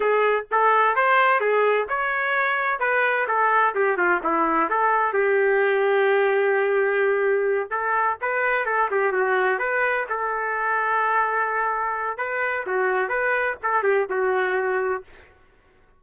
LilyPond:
\new Staff \with { instrumentName = "trumpet" } { \time 4/4 \tempo 4 = 128 gis'4 a'4 c''4 gis'4 | cis''2 b'4 a'4 | g'8 f'8 e'4 a'4 g'4~ | g'1~ |
g'8 a'4 b'4 a'8 g'8 fis'8~ | fis'8 b'4 a'2~ a'8~ | a'2 b'4 fis'4 | b'4 a'8 g'8 fis'2 | }